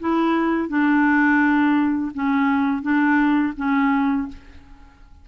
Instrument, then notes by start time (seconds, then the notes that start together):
clarinet
0.00 E4
0.69 D4
2.14 C#4
2.82 D4
3.57 C#4